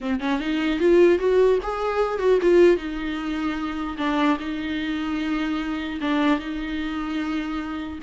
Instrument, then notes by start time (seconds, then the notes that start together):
viola
0.00 C4
0.20 C#4
0.40 D#4
0.79 F4
1.19 F#4
1.62 G#4
2.19 F#4
2.41 F4
2.76 D#4
3.97 D4
4.39 D#4
6.01 D4
6.39 D#4